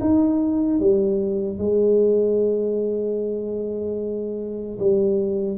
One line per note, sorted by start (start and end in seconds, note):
0.00 0.79 D#4
0.79 1.58 G3
1.58 4.78 G#3
4.79 5.57 G3